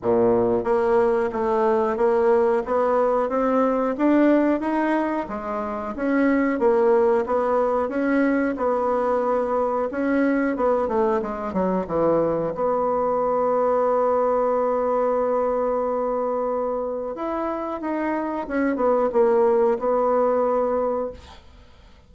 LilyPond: \new Staff \with { instrumentName = "bassoon" } { \time 4/4 \tempo 4 = 91 ais,4 ais4 a4 ais4 | b4 c'4 d'4 dis'4 | gis4 cis'4 ais4 b4 | cis'4 b2 cis'4 |
b8 a8 gis8 fis8 e4 b4~ | b1~ | b2 e'4 dis'4 | cis'8 b8 ais4 b2 | }